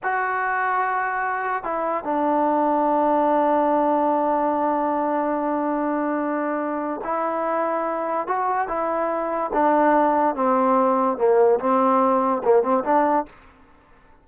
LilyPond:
\new Staff \with { instrumentName = "trombone" } { \time 4/4 \tempo 4 = 145 fis'1 | e'4 d'2.~ | d'1~ | d'1~ |
d'4 e'2. | fis'4 e'2 d'4~ | d'4 c'2 ais4 | c'2 ais8 c'8 d'4 | }